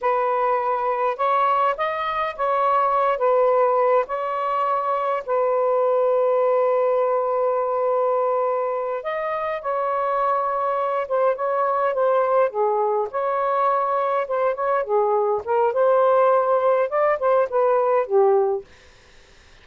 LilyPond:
\new Staff \with { instrumentName = "saxophone" } { \time 4/4 \tempo 4 = 103 b'2 cis''4 dis''4 | cis''4. b'4. cis''4~ | cis''4 b'2.~ | b'2.~ b'8 dis''8~ |
dis''8 cis''2~ cis''8 c''8 cis''8~ | cis''8 c''4 gis'4 cis''4.~ | cis''8 c''8 cis''8 gis'4 ais'8 c''4~ | c''4 d''8 c''8 b'4 g'4 | }